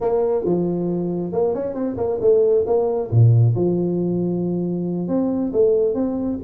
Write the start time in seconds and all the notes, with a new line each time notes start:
0.00 A#3
0.44 F3
1.32 A#3
1.54 C#4
1.74 C4
1.97 A#3
2.21 A3
2.66 A#3
3.10 A#2
3.55 F3
5.07 C4
5.52 A3
5.94 C4